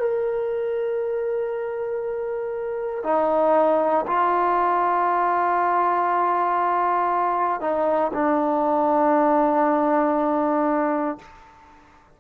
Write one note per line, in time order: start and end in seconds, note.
0.00 3.03 A#4
3.03 4.05 D#4
4.07 7.61 F4
7.61 8.12 D#4
8.14 11.19 D4